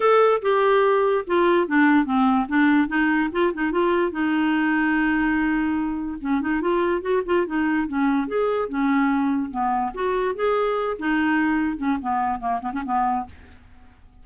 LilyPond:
\new Staff \with { instrumentName = "clarinet" } { \time 4/4 \tempo 4 = 145 a'4 g'2 f'4 | d'4 c'4 d'4 dis'4 | f'8 dis'8 f'4 dis'2~ | dis'2. cis'8 dis'8 |
f'4 fis'8 f'8 dis'4 cis'4 | gis'4 cis'2 b4 | fis'4 gis'4. dis'4.~ | dis'8 cis'8 b4 ais8 b16 cis'16 b4 | }